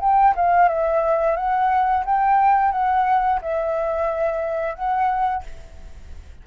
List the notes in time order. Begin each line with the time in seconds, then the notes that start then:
0.00 G5
0.36 F5
0.68 E5
1.36 F#5
2.05 G5
2.71 F#5
3.42 E5
4.75 F#5